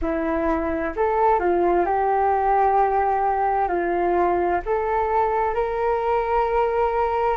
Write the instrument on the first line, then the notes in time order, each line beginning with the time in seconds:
flute
0.01 E4
0.96 A4
1.39 F4
1.85 G4
3.68 F4
4.65 A4
5.54 A#4